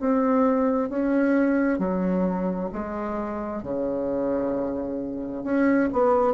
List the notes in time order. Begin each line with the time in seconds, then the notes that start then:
0.00 C4
0.90 C#4
1.79 F#3
2.73 G#3
3.63 C#3
5.44 C#4
5.93 B3